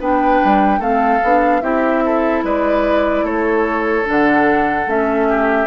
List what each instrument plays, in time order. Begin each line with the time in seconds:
0.00 bassoon B3, clarinet D4, oboe B4, flute G5
0.44 bassoon G3
0.79 bassoon A3, clarinet C4, oboe A4, flute F5
1.24 bassoon B3, clarinet D4
1.62 bassoon C4, clarinet E4, oboe G4, flute E5
2.06 oboe A4
2.44 bassoon G#3, oboe B4, flute D5
3.23 bassoon A3, oboe A4, flute C#5
4.05 bassoon D3, clarinet D4, flute F#5
4.87 bassoon A3, clarinet C#4, flute E5
5.29 oboe G4